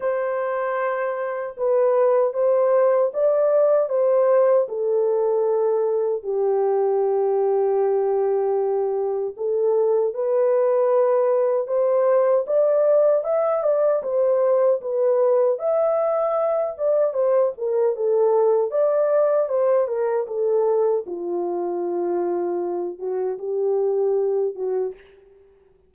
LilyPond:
\new Staff \with { instrumentName = "horn" } { \time 4/4 \tempo 4 = 77 c''2 b'4 c''4 | d''4 c''4 a'2 | g'1 | a'4 b'2 c''4 |
d''4 e''8 d''8 c''4 b'4 | e''4. d''8 c''8 ais'8 a'4 | d''4 c''8 ais'8 a'4 f'4~ | f'4. fis'8 g'4. fis'8 | }